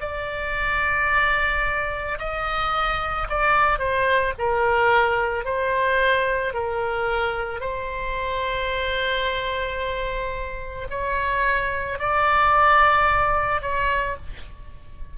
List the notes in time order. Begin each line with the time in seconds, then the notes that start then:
0.00 D5
2.19 D#5
3.29 D5
3.78 C5
4.38 A#4
5.44 C5
6.54 A#4
7.60 C5
10.90 C#5
11.99 D5
13.62 C#5